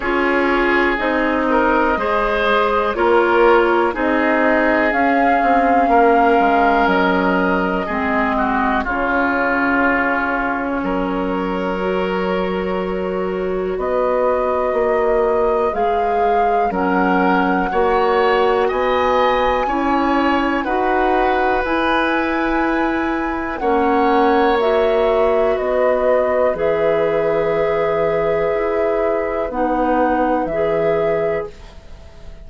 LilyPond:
<<
  \new Staff \with { instrumentName = "flute" } { \time 4/4 \tempo 4 = 61 cis''4 dis''2 cis''4 | dis''4 f''2 dis''4~ | dis''4 cis''2.~ | cis''2 dis''2 |
f''4 fis''2 gis''4~ | gis''4 fis''4 gis''2 | fis''4 e''4 dis''4 e''4~ | e''2 fis''4 e''4 | }
  \new Staff \with { instrumentName = "oboe" } { \time 4/4 gis'4. ais'8 c''4 ais'4 | gis'2 ais'2 | gis'8 fis'8 f'2 ais'4~ | ais'2 b'2~ |
b'4 ais'4 cis''4 dis''4 | cis''4 b'2. | cis''2 b'2~ | b'1 | }
  \new Staff \with { instrumentName = "clarinet" } { \time 4/4 f'4 dis'4 gis'4 f'4 | dis'4 cis'2. | c'4 cis'2. | fis'1 |
gis'4 cis'4 fis'2 | e'4 fis'4 e'2 | cis'4 fis'2 gis'4~ | gis'2 dis'4 gis'4 | }
  \new Staff \with { instrumentName = "bassoon" } { \time 4/4 cis'4 c'4 gis4 ais4 | c'4 cis'8 c'8 ais8 gis8 fis4 | gis4 cis2 fis4~ | fis2 b4 ais4 |
gis4 fis4 ais4 b4 | cis'4 dis'4 e'2 | ais2 b4 e4~ | e4 e'4 b4 e4 | }
>>